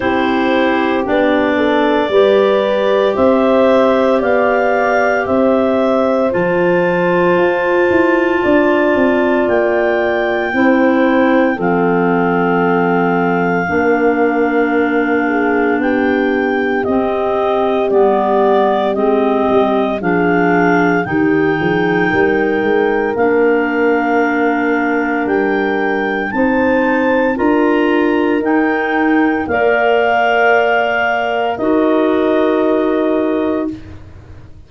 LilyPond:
<<
  \new Staff \with { instrumentName = "clarinet" } { \time 4/4 \tempo 4 = 57 c''4 d''2 e''4 | f''4 e''4 a''2~ | a''4 g''2 f''4~ | f''2. g''4 |
dis''4 d''4 dis''4 f''4 | g''2 f''2 | g''4 a''4 ais''4 g''4 | f''2 dis''2 | }
  \new Staff \with { instrumentName = "horn" } { \time 4/4 g'4. a'8 b'4 c''4 | d''4 c''2. | d''2 c''4 a'4~ | a'4 ais'4. gis'8 g'4~ |
g'2. gis'4 | g'8 gis'8 ais'2.~ | ais'4 c''4 ais'2 | d''2 ais'2 | }
  \new Staff \with { instrumentName = "clarinet" } { \time 4/4 e'4 d'4 g'2~ | g'2 f'2~ | f'2 e'4 c'4~ | c'4 d'2. |
c'4 b4 c'4 d'4 | dis'2 d'2~ | d'4 dis'4 f'4 dis'4 | ais'2 fis'2 | }
  \new Staff \with { instrumentName = "tuba" } { \time 4/4 c'4 b4 g4 c'4 | b4 c'4 f4 f'8 e'8 | d'8 c'8 ais4 c'4 f4~ | f4 ais2 b4 |
c'4 g4 gis8 g8 f4 | dis8 f8 g8 gis8 ais2 | g4 c'4 d'4 dis'4 | ais2 dis'2 | }
>>